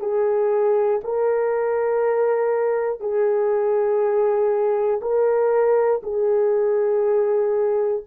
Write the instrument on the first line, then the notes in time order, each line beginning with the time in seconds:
horn
0.00 G#4
1.04 A#4
3.00 G#4
5.01 A#4
6.03 G#4